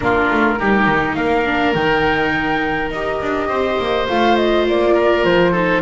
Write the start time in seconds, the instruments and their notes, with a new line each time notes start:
0.00 double bass A#3, viola D4, oboe F4, flute A#4
0.30 double bass A3
0.59 double bass G3, viola D#4, oboe G4
0.86 double bass D#3
1.14 double bass A#3, oboe A#4, flute F5
1.45 viola D4
1.74 double bass D#3, viola D#4, flute G5
2.91 double bass D#4, viola G4, flute D#5
3.21 double bass D4
3.48 double bass C4, oboe C5
3.79 double bass A#3
4.08 double bass A3, viola F4, flute F5
4.36 flute D#5
4.67 double bass A#3, flute D5
4.94 oboe A#4
5.24 double bass F3, flute C5
5.52 viola D#4, oboe A4